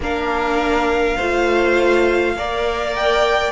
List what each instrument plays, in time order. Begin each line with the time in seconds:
0.00 cello A#3, viola D4, violin A#4 F5
1.16 cello A3, viola F4, violin C5
2.35 cello A#3, viola A#4, violin D5
2.95 violin G5